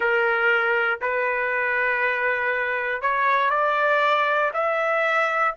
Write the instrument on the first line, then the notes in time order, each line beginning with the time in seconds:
trumpet
0.00 A#4
1.01 B4
3.01 C#5
3.50 D5
4.53 E5